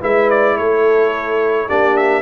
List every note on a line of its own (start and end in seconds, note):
0.00 0.57 G#3
0.00 1.68 E4
0.00 0.56 B4
0.00 0.30 E5
0.30 0.57 D5
0.57 1.69 A3
0.57 1.67 A4
0.57 1.68 C#5
1.67 2.22 A#3
1.67 2.22 D4
1.67 2.22 G4
1.67 1.96 D5
1.96 2.22 E5